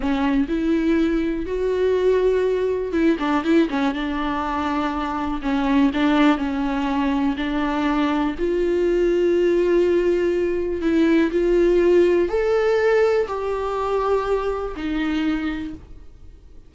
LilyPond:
\new Staff \with { instrumentName = "viola" } { \time 4/4 \tempo 4 = 122 cis'4 e'2 fis'4~ | fis'2 e'8 d'8 e'8 cis'8 | d'2. cis'4 | d'4 cis'2 d'4~ |
d'4 f'2.~ | f'2 e'4 f'4~ | f'4 a'2 g'4~ | g'2 dis'2 | }